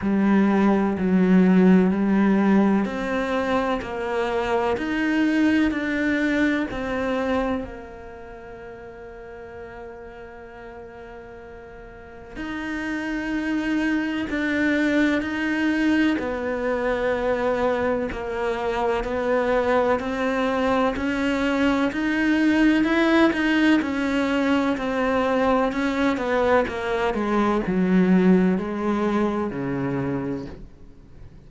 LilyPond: \new Staff \with { instrumentName = "cello" } { \time 4/4 \tempo 4 = 63 g4 fis4 g4 c'4 | ais4 dis'4 d'4 c'4 | ais1~ | ais4 dis'2 d'4 |
dis'4 b2 ais4 | b4 c'4 cis'4 dis'4 | e'8 dis'8 cis'4 c'4 cis'8 b8 | ais8 gis8 fis4 gis4 cis4 | }